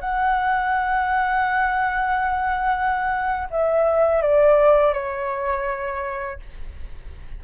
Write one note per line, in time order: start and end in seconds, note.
0.00 3.48 F#5
3.50 4.22 E5
4.22 4.93 D5
4.93 6.40 C#5